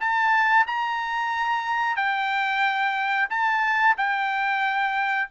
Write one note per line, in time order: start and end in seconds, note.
0.00 0.66 A5
0.67 1.96 A#5
1.96 3.28 G5
3.29 3.95 A5
3.97 5.29 G5